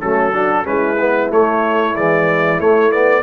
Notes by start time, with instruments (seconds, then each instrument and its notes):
0.00 tuba F#3, trombone A3, horn C#4, trumpet A4
0.32 trombone D4, horn F#4
0.64 tuba G#3, trombone C#4, horn E4, trumpet B4
1.00 trombone B3
1.30 trombone A3, tuba A3, trumpet C#5
1.94 trombone E3, tuba G#3, trumpet D5
2.59 trombone A3, tuba A3, trumpet C#5
2.91 trombone B3, trumpet D5